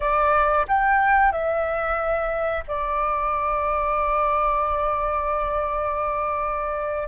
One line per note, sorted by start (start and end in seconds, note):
0.00 0.66 D5
0.67 1.32 G5
1.32 2.63 E5
2.67 7.08 D5